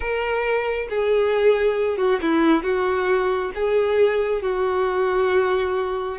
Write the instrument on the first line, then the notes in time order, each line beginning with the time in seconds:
violin
0.00 A#4
0.89 G#4
1.97 F#4
2.21 E4
2.63 F#4
3.55 G#4
4.42 F#4